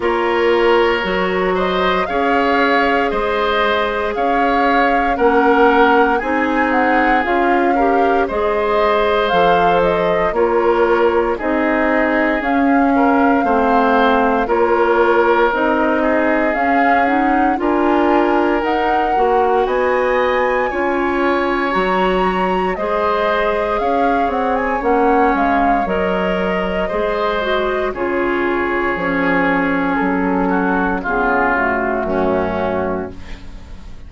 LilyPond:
<<
  \new Staff \with { instrumentName = "flute" } { \time 4/4 \tempo 4 = 58 cis''4. dis''8 f''4 dis''4 | f''4 fis''4 gis''8 fis''8 f''4 | dis''4 f''8 dis''8 cis''4 dis''4 | f''2 cis''4 dis''4 |
f''8 fis''8 gis''4 fis''4 gis''4~ | gis''4 ais''4 dis''4 f''8 fis''16 gis''16 | fis''8 f''8 dis''2 cis''4~ | cis''4 a'4 gis'8 fis'4. | }
  \new Staff \with { instrumentName = "oboe" } { \time 4/4 ais'4. c''8 cis''4 c''4 | cis''4 ais'4 gis'4. ais'8 | c''2 ais'4 gis'4~ | gis'8 ais'8 c''4 ais'4. gis'8~ |
gis'4 ais'2 dis''4 | cis''2 c''4 cis''4~ | cis''2 c''4 gis'4~ | gis'4. fis'8 f'4 cis'4 | }
  \new Staff \with { instrumentName = "clarinet" } { \time 4/4 f'4 fis'4 gis'2~ | gis'4 cis'4 dis'4 f'8 g'8 | gis'4 a'4 f'4 dis'4 | cis'4 c'4 f'4 dis'4 |
cis'8 dis'8 f'4 dis'8 fis'4. | f'4 fis'4 gis'2 | cis'4 ais'4 gis'8 fis'8 f'4 | cis'2 b8 a4. | }
  \new Staff \with { instrumentName = "bassoon" } { \time 4/4 ais4 fis4 cis'4 gis4 | cis'4 ais4 c'4 cis'4 | gis4 f4 ais4 c'4 | cis'4 a4 ais4 c'4 |
cis'4 d'4 dis'8 ais8 b4 | cis'4 fis4 gis4 cis'8 c'8 | ais8 gis8 fis4 gis4 cis4 | f4 fis4 cis4 fis,4 | }
>>